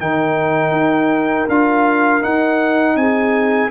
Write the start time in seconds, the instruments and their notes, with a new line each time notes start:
0.00 tuba D#3, trombone D#4, horn A#4, trumpet G5
0.71 tuba D#4
1.48 tuba D4, trombone F4, trumpet F5
2.21 trombone D#4, tuba D#4, trumpet F#5
2.96 tuba C4, horn G#4, trumpet G#5